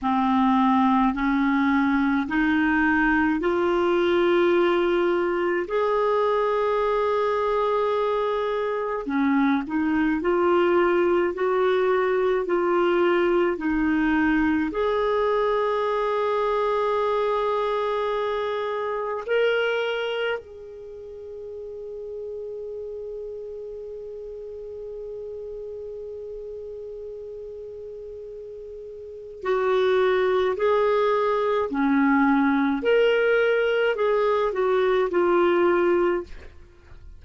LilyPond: \new Staff \with { instrumentName = "clarinet" } { \time 4/4 \tempo 4 = 53 c'4 cis'4 dis'4 f'4~ | f'4 gis'2. | cis'8 dis'8 f'4 fis'4 f'4 | dis'4 gis'2.~ |
gis'4 ais'4 gis'2~ | gis'1~ | gis'2 fis'4 gis'4 | cis'4 ais'4 gis'8 fis'8 f'4 | }